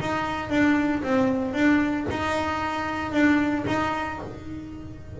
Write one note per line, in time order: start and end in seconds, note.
0.00 0.50 D#4
0.50 1.02 D4
1.03 1.54 C4
1.54 2.06 D4
2.10 3.12 D#4
3.12 3.64 D4
3.67 4.20 D#4